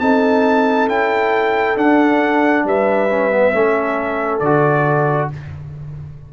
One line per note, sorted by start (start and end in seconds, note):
0.00 0.87 C4
0.00 0.89 D#4
0.00 2.65 A4
0.00 0.88 A5
0.87 1.76 C#4
0.87 1.76 E4
0.87 1.77 G5
1.76 2.64 D4
1.76 3.09 D4
1.76 2.66 F#5
2.64 3.52 G3
2.64 3.55 B4
2.64 4.40 E5
3.10 3.31 C#4
3.31 3.53 B3
3.53 4.40 A3
3.53 4.41 C#4
3.53 5.32 A4
4.40 5.29 D3
4.40 5.33 F#4
4.40 5.28 D5